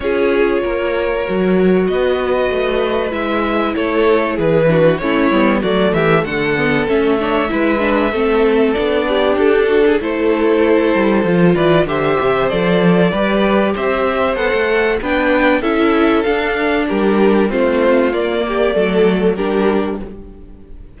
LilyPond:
<<
  \new Staff \with { instrumentName = "violin" } { \time 4/4 \tempo 4 = 96 cis''2. dis''4~ | dis''4 e''4 cis''4 b'4 | cis''4 d''8 e''8 fis''4 e''4~ | e''2 d''4 a'4 |
c''2~ c''8 d''8 e''4 | d''2 e''4 fis''4 | g''4 e''4 f''4 ais'4 | c''4 d''2 ais'4 | }
  \new Staff \with { instrumentName = "violin" } { \time 4/4 gis'4 ais'2 b'4~ | b'2 a'4 gis'8 fis'8 | e'4 fis'8 g'8 a'4. cis''8 | b'4 a'4. g'4 fis'16 gis'16 |
a'2~ a'8 b'8 c''4~ | c''4 b'4 c''2 | b'4 a'2 g'4 | f'4. g'8 a'4 g'4 | }
  \new Staff \with { instrumentName = "viola" } { \time 4/4 f'2 fis'2~ | fis'4 e'2~ e'8 d'8 | cis'8 b8 a4. b8 cis'8 d'8 | e'8 d'8 c'4 d'2 |
e'2 f'4 g'4 | a'4 g'2 a'4 | d'4 e'4 d'2 | c'4 ais4 a4 d'4 | }
  \new Staff \with { instrumentName = "cello" } { \time 4/4 cis'4 ais4 fis4 b4 | a4 gis4 a4 e4 | a8 g8 fis8 e8 d4 a4 | gis4 a4 b4 d'4 |
a4. g8 f8 e8 d8 c8 | f4 g4 c'4 b16 a8. | b4 cis'4 d'4 g4 | a4 ais4 fis4 g4 | }
>>